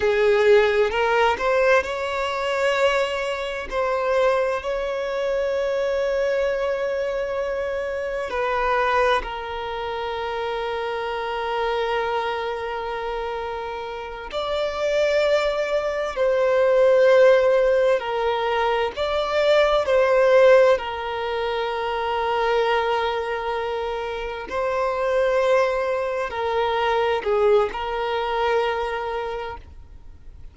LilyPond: \new Staff \with { instrumentName = "violin" } { \time 4/4 \tempo 4 = 65 gis'4 ais'8 c''8 cis''2 | c''4 cis''2.~ | cis''4 b'4 ais'2~ | ais'2.~ ais'8 d''8~ |
d''4. c''2 ais'8~ | ais'8 d''4 c''4 ais'4.~ | ais'2~ ais'8 c''4.~ | c''8 ais'4 gis'8 ais'2 | }